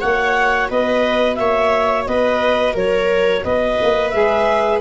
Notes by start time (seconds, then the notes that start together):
0.00 A#3 F#4 C#5 F#5
0.70 B3 B4 D#5
1.35 A#3 C#5 E5
2.07 B3 B4 D#5
2.73 F#3 A#4 C#5
3.44 B3 B4 D#5
3.83 A#3
4.10 G#3 G#4 E5